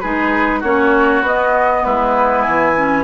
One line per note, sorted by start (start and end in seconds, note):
0.00 0.63 G#3
0.00 0.64 D#4
0.00 0.60 G#4
0.00 0.61 B4
0.60 1.21 A#3
0.60 1.23 C#4
0.60 1.81 F#4
0.60 1.24 C#5
1.21 1.82 B3
1.21 2.75 B3
1.21 1.84 D#5
1.84 2.46 G#3
1.84 3.04 E4
1.84 2.42 B4
2.42 3.04 E3
2.42 3.03 G#5
2.76 3.04 C#4